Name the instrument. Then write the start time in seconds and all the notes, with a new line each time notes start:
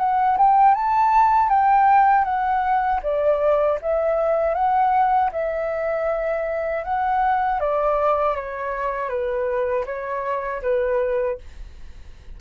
flute
0.00 F#5
0.38 G5
0.75 A5
1.50 G5
2.25 F#5
3.03 D5
3.82 E5
4.55 F#5
5.33 E5
6.85 F#5
7.60 D5
8.36 C#5
9.09 B4
9.86 C#5
10.62 B4